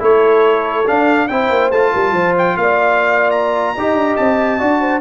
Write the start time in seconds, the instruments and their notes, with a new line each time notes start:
0.00 tuba A3, trombone E4, horn A4, trumpet C#5
0.87 trombone D4, tuba D4, trumpet F5
1.28 tuba C4, trombone E4, horn C5, trumpet G5
1.50 tuba A#3
1.72 tuba A3, trombone F4, trumpet A5
1.93 tuba G3, horn A#4
2.13 tuba F3, horn C5
2.38 trumpet G5
2.58 tuba A#3, horn D5, trumpet F5
3.31 trumpet A#5
3.76 tuba D#4, trombone G4, horn D#5
3.95 tuba D4
4.17 tuba C4, trumpet A5
4.59 tuba D4, trombone F#4, horn D5
4.81 horn C5